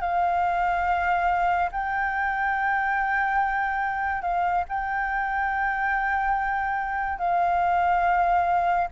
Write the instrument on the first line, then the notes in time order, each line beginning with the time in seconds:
flute
0.00 F5
1.72 G5
4.22 F5
4.68 G5
7.18 F5